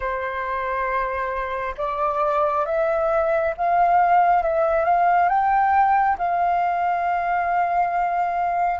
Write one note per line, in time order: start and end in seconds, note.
0.00 1.74 C5
1.77 2.65 D5
2.65 3.53 E5
3.57 4.42 F5
4.42 4.84 E5
4.84 5.29 F5
5.29 6.17 G5
6.18 8.80 F5